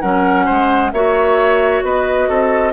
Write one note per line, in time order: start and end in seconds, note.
0.00 0.48 F#3
0.00 0.92 C#4
0.00 0.45 A#4
0.00 0.91 F#5
0.45 0.92 G#3
0.45 0.90 C5
0.91 1.82 A#3
0.91 2.73 F#4
0.91 1.84 C#5
0.91 1.82 E5
1.82 2.28 B3
1.82 2.28 B4
1.82 2.73 D#5
2.28 2.73 C4
2.28 2.73 A4